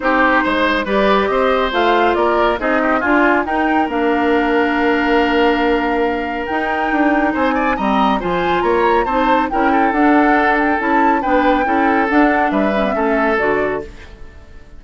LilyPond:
<<
  \new Staff \with { instrumentName = "flute" } { \time 4/4 \tempo 4 = 139 c''2 d''4 dis''4 | f''4 d''4 dis''4 gis''4 | g''4 f''2.~ | f''2. g''4~ |
g''4 gis''4 ais''4 gis''4 | ais''4 a''4 g''4 fis''4~ | fis''8 g''8 a''4 g''2 | fis''4 e''2 d''4 | }
  \new Staff \with { instrumentName = "oboe" } { \time 4/4 g'4 c''4 b'4 c''4~ | c''4 ais'4 gis'8 g'8 f'4 | ais'1~ | ais'1~ |
ais'4 c''8 d''8 dis''4 c''4 | cis''4 c''4 ais'8 a'4.~ | a'2 b'4 a'4~ | a'4 b'4 a'2 | }
  \new Staff \with { instrumentName = "clarinet" } { \time 4/4 dis'2 g'2 | f'2 dis'4 f'4 | dis'4 d'2.~ | d'2. dis'4~ |
dis'2 c'4 f'4~ | f'4 dis'4 e'4 d'4~ | d'4 e'4 d'4 e'4 | d'4. cis'16 b16 cis'4 fis'4 | }
  \new Staff \with { instrumentName = "bassoon" } { \time 4/4 c'4 gis4 g4 c'4 | a4 ais4 c'4 d'4 | dis'4 ais2.~ | ais2. dis'4 |
d'4 c'4 g4 f4 | ais4 c'4 cis'4 d'4~ | d'4 cis'4 b4 cis'4 | d'4 g4 a4 d4 | }
>>